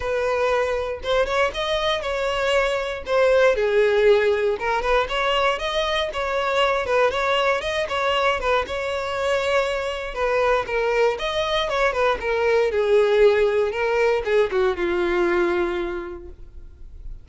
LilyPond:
\new Staff \with { instrumentName = "violin" } { \time 4/4 \tempo 4 = 118 b'2 c''8 cis''8 dis''4 | cis''2 c''4 gis'4~ | gis'4 ais'8 b'8 cis''4 dis''4 | cis''4. b'8 cis''4 dis''8 cis''8~ |
cis''8 b'8 cis''2. | b'4 ais'4 dis''4 cis''8 b'8 | ais'4 gis'2 ais'4 | gis'8 fis'8 f'2. | }